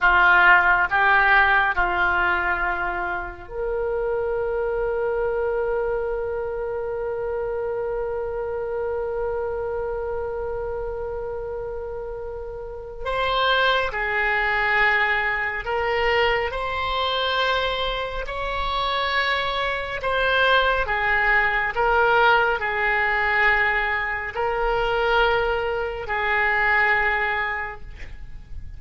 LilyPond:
\new Staff \with { instrumentName = "oboe" } { \time 4/4 \tempo 4 = 69 f'4 g'4 f'2 | ais'1~ | ais'1~ | ais'2. c''4 |
gis'2 ais'4 c''4~ | c''4 cis''2 c''4 | gis'4 ais'4 gis'2 | ais'2 gis'2 | }